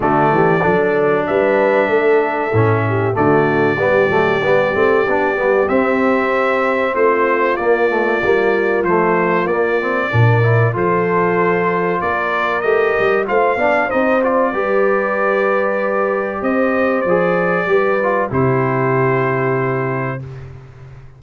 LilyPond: <<
  \new Staff \with { instrumentName = "trumpet" } { \time 4/4 \tempo 4 = 95 d''2 e''2~ | e''4 d''2.~ | d''4 e''2 c''4 | d''2 c''4 d''4~ |
d''4 c''2 d''4 | dis''4 f''4 dis''8 d''4.~ | d''2 dis''4 d''4~ | d''4 c''2. | }
  \new Staff \with { instrumentName = "horn" } { \time 4/4 fis'8 g'8 a'4 b'4 a'4~ | a'8 g'8 fis'4 g'2~ | g'2. f'4~ | f'1 |
ais'4 a'2 ais'4~ | ais'4 c''8 d''8 c''4 b'4~ | b'2 c''2 | b'4 g'2. | }
  \new Staff \with { instrumentName = "trombone" } { \time 4/4 a4 d'2. | cis'4 a4 b8 a8 b8 c'8 | d'8 b8 c'2. | ais8 a8 ais4 a4 ais8 c'8 |
d'8 e'8 f'2. | g'4 f'8 d'8 dis'8 f'8 g'4~ | g'2. gis'4 | g'8 f'8 e'2. | }
  \new Staff \with { instrumentName = "tuba" } { \time 4/4 d8 e8 fis4 g4 a4 | a,4 d4 g8 fis8 g8 a8 | b8 g8 c'2 a4 | ais4 g4 f4 ais4 |
ais,4 f2 ais4 | a8 g8 a8 b8 c'4 g4~ | g2 c'4 f4 | g4 c2. | }
>>